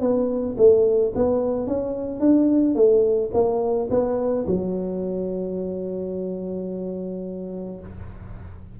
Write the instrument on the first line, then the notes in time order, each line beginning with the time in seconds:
tuba
0.00 B3
0.57 A3
1.15 B3
1.67 C#4
2.19 D4
2.75 A3
3.33 A#3
3.90 B3
4.46 F#3